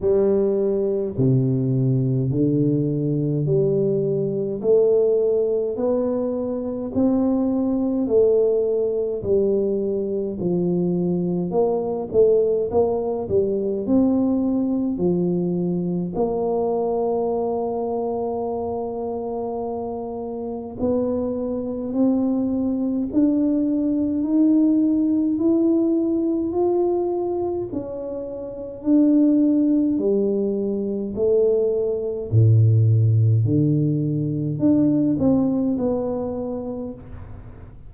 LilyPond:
\new Staff \with { instrumentName = "tuba" } { \time 4/4 \tempo 4 = 52 g4 c4 d4 g4 | a4 b4 c'4 a4 | g4 f4 ais8 a8 ais8 g8 | c'4 f4 ais2~ |
ais2 b4 c'4 | d'4 dis'4 e'4 f'4 | cis'4 d'4 g4 a4 | a,4 d4 d'8 c'8 b4 | }